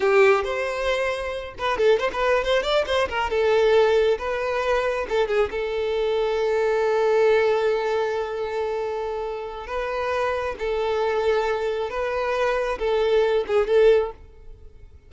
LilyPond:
\new Staff \with { instrumentName = "violin" } { \time 4/4 \tempo 4 = 136 g'4 c''2~ c''8 b'8 | a'8 c''16 b'8. c''8 d''8 c''8 ais'8 a'8~ | a'4. b'2 a'8 | gis'8 a'2.~ a'8~ |
a'1~ | a'2 b'2 | a'2. b'4~ | b'4 a'4. gis'8 a'4 | }